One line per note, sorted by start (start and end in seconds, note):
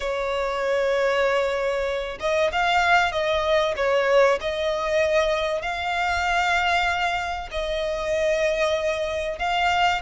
0.00 2.18 C#5
2.20 2.51 D#5
2.52 3.12 F5
3.12 3.74 D#5
3.76 4.39 C#5
4.41 5.61 D#5
5.61 7.49 F5
7.51 9.38 D#5
9.39 10.01 F5